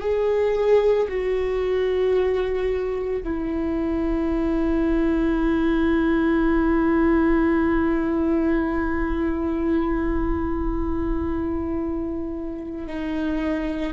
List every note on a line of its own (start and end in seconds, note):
0.00 1.07 G#4
1.08 3.22 F#4
3.23 12.87 E4
12.87 13.93 D#4